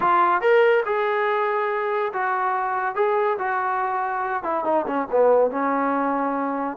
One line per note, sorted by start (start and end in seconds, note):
0.00 0.41 F4
0.41 0.83 A#4
0.85 2.12 G#4
2.13 2.95 F#4
2.95 3.37 G#4
3.38 4.43 F#4
4.43 4.64 E4
4.64 4.85 D#4
4.86 5.07 C#4
5.11 5.50 B3
5.50 6.77 C#4